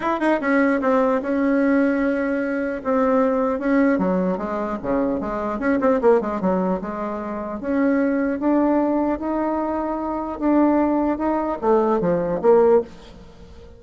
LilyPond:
\new Staff \with { instrumentName = "bassoon" } { \time 4/4 \tempo 4 = 150 e'8 dis'8 cis'4 c'4 cis'4~ | cis'2. c'4~ | c'4 cis'4 fis4 gis4 | cis4 gis4 cis'8 c'8 ais8 gis8 |
fis4 gis2 cis'4~ | cis'4 d'2 dis'4~ | dis'2 d'2 | dis'4 a4 f4 ais4 | }